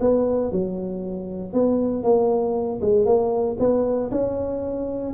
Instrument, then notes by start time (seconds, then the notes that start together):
tuba
0.00 B3
0.52 F#3
1.53 B3
2.03 A#3
2.81 G#3
3.06 A#3
3.59 B3
4.11 C#4